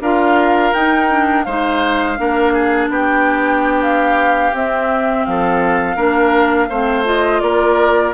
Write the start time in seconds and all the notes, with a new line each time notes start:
0.00 D4 F4 A#4 F5
0.73 D#4 G5
1.10 D4
1.44 G#3 D#4 C5 F5
2.17 A#3 D4 A#4
2.53 G#4
2.89 B3 G4 G5
3.82 F5
4.53 C4 E5
5.25 F3 A4 F5
5.96 A#3 D4 A#4
6.69 A3 C4 C5
7.05 F4 D#5
7.40 A#3 A#4 D5